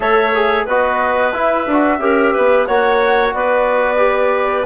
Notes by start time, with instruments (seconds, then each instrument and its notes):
0.00 bassoon A3, trombone A4, clarinet C#5, flute E5
0.34 trombone G#4
0.65 bassoon B3, trombone F#4, clarinet B4, flute D#5
1.32 trombone E4, bassoon E4, flute E5
1.67 bassoon D4, trombone F#4
1.98 bassoon C#4, trombone G4, clarinet A#4
2.33 bassoon B3, clarinet B4
2.66 bassoon A#3, trombone F#4, clarinet C#5, flute F#5
3.33 bassoon B3, clarinet B4, flute D5
3.97 trombone G4